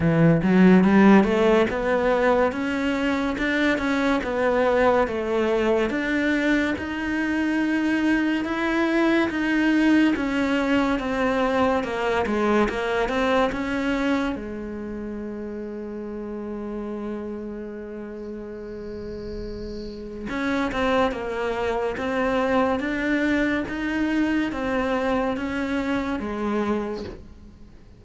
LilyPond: \new Staff \with { instrumentName = "cello" } { \time 4/4 \tempo 4 = 71 e8 fis8 g8 a8 b4 cis'4 | d'8 cis'8 b4 a4 d'4 | dis'2 e'4 dis'4 | cis'4 c'4 ais8 gis8 ais8 c'8 |
cis'4 gis2.~ | gis1 | cis'8 c'8 ais4 c'4 d'4 | dis'4 c'4 cis'4 gis4 | }